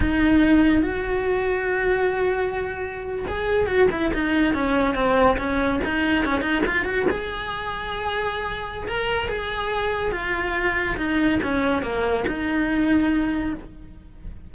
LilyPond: \new Staff \with { instrumentName = "cello" } { \time 4/4 \tempo 4 = 142 dis'2 fis'2~ | fis'2.~ fis'8. gis'16~ | gis'8. fis'8 e'8 dis'4 cis'4 c'16~ | c'8. cis'4 dis'4 cis'8 dis'8 f'16~ |
f'16 fis'8 gis'2.~ gis'16~ | gis'4 ais'4 gis'2 | f'2 dis'4 cis'4 | ais4 dis'2. | }